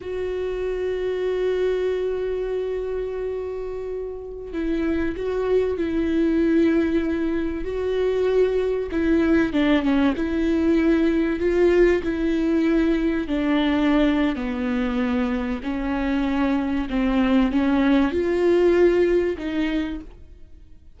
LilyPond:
\new Staff \with { instrumentName = "viola" } { \time 4/4 \tempo 4 = 96 fis'1~ | fis'2.~ fis'16 e'8.~ | e'16 fis'4 e'2~ e'8.~ | e'16 fis'2 e'4 d'8 cis'16~ |
cis'16 e'2 f'4 e'8.~ | e'4~ e'16 d'4.~ d'16 b4~ | b4 cis'2 c'4 | cis'4 f'2 dis'4 | }